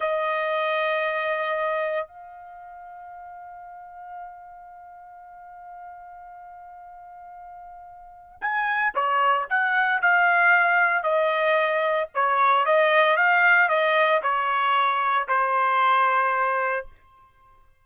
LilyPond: \new Staff \with { instrumentName = "trumpet" } { \time 4/4 \tempo 4 = 114 dis''1 | f''1~ | f''1~ | f''1 |
gis''4 cis''4 fis''4 f''4~ | f''4 dis''2 cis''4 | dis''4 f''4 dis''4 cis''4~ | cis''4 c''2. | }